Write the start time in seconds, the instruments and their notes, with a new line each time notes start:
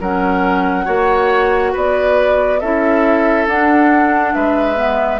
0.00 bassoon F#3, clarinet C#4, oboe A#4, flute F#5
0.85 bassoon A#3, clarinet F#4, oboe C#5
1.72 bassoon B3, oboe B4, flute D5
2.59 bassoon C#4, clarinet E4, oboe A4, flute E5
3.47 bassoon D4, clarinet D4, flute F#5
4.34 bassoon G#3, oboe B4, flute E5
4.75 clarinet B3